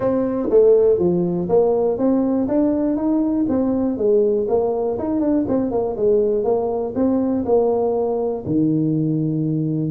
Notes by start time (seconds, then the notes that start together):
0.00 C4
0.50 A3
0.98 F3
1.48 A#3
1.98 C4
2.48 D4
2.96 D#4
3.48 C4
3.97 G#3
4.48 A#3
4.98 D#4
5.20 D4
5.47 C4
5.71 A#3
5.96 G#3
6.43 A#3
6.95 C4
7.45 A#3
8.46 D#3